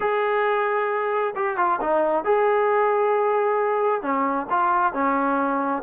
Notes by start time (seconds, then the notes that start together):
0.00 G#4
1.35 G4
1.57 F4
1.81 D#4
2.24 G#4
4.02 C#4
4.50 F4
4.93 C#4